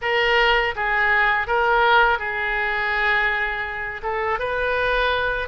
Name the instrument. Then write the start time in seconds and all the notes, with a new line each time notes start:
oboe
0.01 A#4
0.75 G#4
1.47 A#4
2.19 G#4
4.02 A4
4.39 B4